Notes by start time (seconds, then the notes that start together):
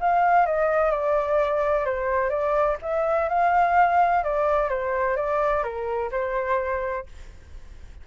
0.00 F5
0.46 D#5
0.91 D5
1.85 C5
2.30 D5
2.82 E5
3.29 F5
4.24 D5
4.69 C5
5.16 D5
5.63 A#4
6.11 C5